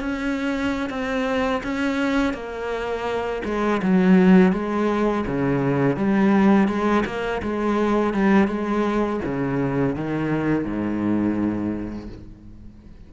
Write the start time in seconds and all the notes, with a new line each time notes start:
0.00 C#4
0.89 C4
1.63 C#4
2.33 A#3
3.45 G#3
3.82 F#3
4.52 G#3
5.26 C#3
5.96 G3
6.68 G#3
7.05 A#3
7.42 G#3
8.14 G3
8.47 G#3
9.24 C#3
9.95 D#3
10.64 G#2